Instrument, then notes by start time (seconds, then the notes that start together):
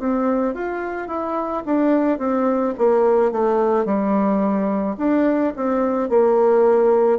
bassoon
0.00 C4
0.55 F4
1.08 E4
1.66 D4
2.19 C4
2.79 A#3
3.32 A3
3.86 G3
4.98 D4
5.57 C4
6.10 A#3